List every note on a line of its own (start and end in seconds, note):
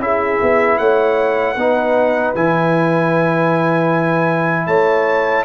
0.00 0.39 C#4
0.00 1.56 E4
0.00 0.79 G#4
0.00 0.78 E5
0.42 0.79 B3
0.78 1.56 A3
0.78 1.55 C#5
0.78 2.34 F#5
1.55 2.34 B3
1.55 2.36 D#4
1.55 4.67 B4
2.35 4.67 E3
2.35 5.45 E4
2.35 4.67 G#5
4.67 5.45 A3
4.67 5.45 C#5
4.67 5.45 A5